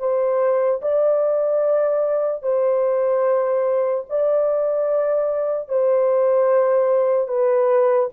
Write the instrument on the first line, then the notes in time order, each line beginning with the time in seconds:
horn
0.00 C5
0.82 D5
2.43 C5
4.10 D5
5.69 C5
7.28 B4